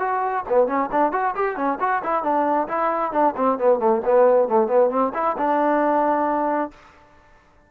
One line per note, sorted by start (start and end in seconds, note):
0.00 0.44 F#4
0.49 0.68 B3
0.68 0.90 C#4
0.92 1.13 D4
1.13 1.35 F#4
1.36 1.57 G4
1.57 1.79 C#4
1.81 2.03 F#4
2.04 2.23 E4
2.23 2.68 D4
2.68 3.13 E4
3.13 3.35 D4
3.37 3.59 C4
3.59 3.80 B3
3.80 4.02 A3
4.06 4.49 B3
4.49 4.68 A3
4.68 4.90 B3
4.91 5.13 C4
5.15 5.37 E4
5.38 6.71 D4